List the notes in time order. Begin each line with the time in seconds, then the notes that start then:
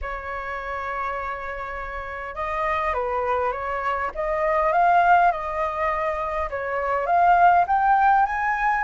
0.01 C#5
2.35 D#5
2.93 B4
3.52 C#5
4.14 D#5
4.72 F5
5.31 D#5
6.49 C#5
7.06 F5
7.67 G5
8.25 G#5